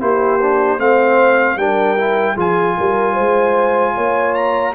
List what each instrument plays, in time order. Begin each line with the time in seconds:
0.00 tuba A#3, trombone E4, horn G4, trumpet C5
0.40 trombone D4
0.79 tuba A3, trombone C4, horn C5, trumpet F5
1.56 tuba G3, trombone D4, horn A#4, trumpet G5
1.98 trombone E4
2.35 tuba F3, trombone F4, horn G#4, trumpet G#5
2.77 tuba G3, horn A#4
3.14 tuba G#3, horn C5
3.95 tuba A#3, horn C#5
4.35 trumpet A#5